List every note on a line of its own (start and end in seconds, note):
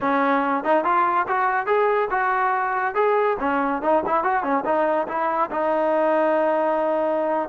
0.00 0.63 C#4
0.63 0.84 D#4
0.84 1.26 F4
1.27 1.66 F#4
1.66 2.08 G#4
2.10 2.94 F#4
2.95 3.37 G#4
3.39 3.81 C#4
3.82 4.03 D#4
4.05 4.23 E4
4.23 4.43 F#4
4.43 4.64 C#4
4.65 5.07 D#4
5.07 5.49 E4
5.50 7.49 D#4